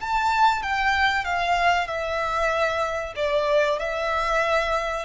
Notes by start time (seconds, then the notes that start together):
0.00 A5
0.62 G5
1.24 F5
1.87 E5
3.16 D5
3.79 E5